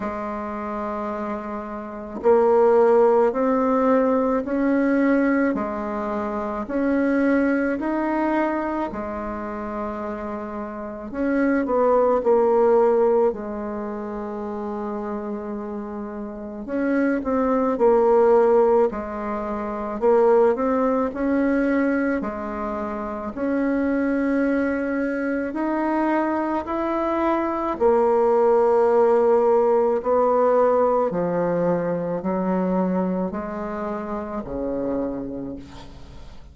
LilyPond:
\new Staff \with { instrumentName = "bassoon" } { \time 4/4 \tempo 4 = 54 gis2 ais4 c'4 | cis'4 gis4 cis'4 dis'4 | gis2 cis'8 b8 ais4 | gis2. cis'8 c'8 |
ais4 gis4 ais8 c'8 cis'4 | gis4 cis'2 dis'4 | e'4 ais2 b4 | f4 fis4 gis4 cis4 | }